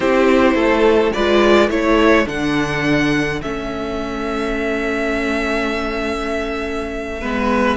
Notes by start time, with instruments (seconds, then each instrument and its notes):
0.00 cello C4, viola E4, violin G4 C5
0.54 cello A3, violin A4
1.12 cello G#3, viola F4, violin B4 D5
1.69 cello A3, viola E4, violin A4 C#5
2.26 cello D3, viola D4, violin F#5
3.42 cello A3, viola C#4, violin E5
7.21 cello G#3, viola B3, violin B4